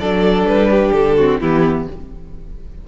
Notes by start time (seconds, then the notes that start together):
0.00 F#3 D4 A4 D5
0.45 G3 B4
0.71 G4
0.93 D3 A4
1.17 C4 F#4
1.41 E3 B3 E4 G4